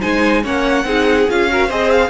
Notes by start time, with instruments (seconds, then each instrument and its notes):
0.00 cello G#3, viola D#4, violin C5 G#5
0.43 cello A#3, viola C#4, violin C#5 F#5
0.84 cello C4, viola D#4, violin G#4
1.29 cello C#4, viola F4, violin F5
1.48 viola F#4, violin A#4
1.66 cello C4, viola G#4, violin C5 D#5
1.90 violin F5